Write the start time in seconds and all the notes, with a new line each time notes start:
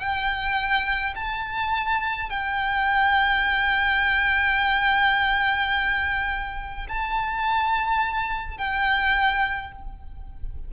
0.00 G5
1.16 A5
2.30 G5
6.89 A5
8.58 G5